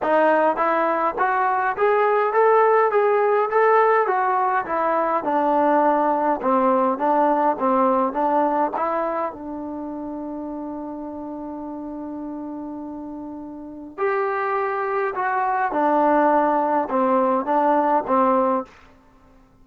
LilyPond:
\new Staff \with { instrumentName = "trombone" } { \time 4/4 \tempo 4 = 103 dis'4 e'4 fis'4 gis'4 | a'4 gis'4 a'4 fis'4 | e'4 d'2 c'4 | d'4 c'4 d'4 e'4 |
d'1~ | d'1 | g'2 fis'4 d'4~ | d'4 c'4 d'4 c'4 | }